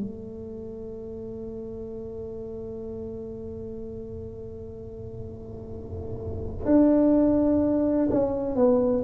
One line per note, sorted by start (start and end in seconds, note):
0.00 6.66 A3
6.66 8.09 D4
8.11 8.56 C#4
8.56 9.03 B3